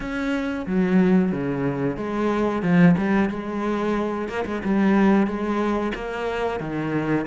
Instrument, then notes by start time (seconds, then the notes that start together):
cello
0.00 C#4
0.66 F#3
1.32 C#3
1.96 G#3
2.62 F3
2.97 G3
3.29 G#3
4.28 A#3
4.45 G#3
4.64 G3
5.26 G#3
5.94 A#3
6.60 D#3